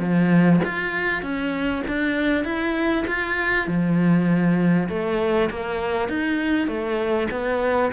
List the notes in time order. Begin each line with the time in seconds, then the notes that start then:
0.00 F3
0.65 F4
1.23 C#4
1.88 D4
2.45 E4
3.08 F4
3.68 F3
4.89 A3
5.51 A#3
6.09 D#4
6.68 A3
7.31 B3